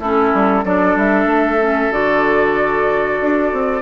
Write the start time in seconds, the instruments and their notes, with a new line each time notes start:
0.00 bassoon A3, clarinet C#4, oboe E4, flute A4
0.34 bassoon G3
0.65 bassoon F#3, clarinet D4, oboe A4, flute D5
0.96 bassoon G3, flute E5
1.26 bassoon A3
1.61 clarinet C#4
1.91 bassoon D3, clarinet F#4, flute D5
3.22 bassoon D4
3.53 bassoon C4